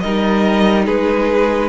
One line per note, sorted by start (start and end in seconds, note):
0.00 0.87 G3
0.00 1.68 D#4
0.00 0.86 A#4
0.00 0.85 D#5
0.86 1.68 G#3
0.86 1.68 G#4
0.86 1.68 B4